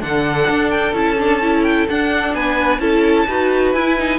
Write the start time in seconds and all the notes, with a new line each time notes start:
0.00 D3 D4 A4 F#5
0.49 D4
0.70 G5
0.92 C#4 E4 A5
1.18 D4
1.41 E4
1.63 G5
1.89 D4 F#5
2.34 B3 B4 G#5
2.79 C#4 E4 A4 A5
3.27 D#4 F#4 B4
3.73 E4 G#5
3.98 D#4